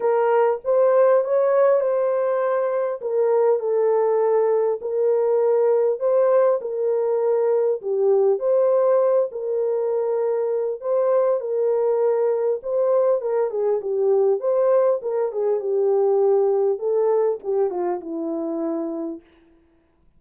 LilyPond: \new Staff \with { instrumentName = "horn" } { \time 4/4 \tempo 4 = 100 ais'4 c''4 cis''4 c''4~ | c''4 ais'4 a'2 | ais'2 c''4 ais'4~ | ais'4 g'4 c''4. ais'8~ |
ais'2 c''4 ais'4~ | ais'4 c''4 ais'8 gis'8 g'4 | c''4 ais'8 gis'8 g'2 | a'4 g'8 f'8 e'2 | }